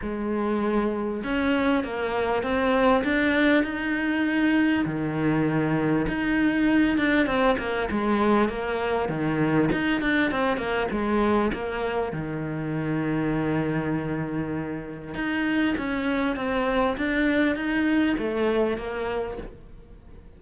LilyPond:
\new Staff \with { instrumentName = "cello" } { \time 4/4 \tempo 4 = 99 gis2 cis'4 ais4 | c'4 d'4 dis'2 | dis2 dis'4. d'8 | c'8 ais8 gis4 ais4 dis4 |
dis'8 d'8 c'8 ais8 gis4 ais4 | dis1~ | dis4 dis'4 cis'4 c'4 | d'4 dis'4 a4 ais4 | }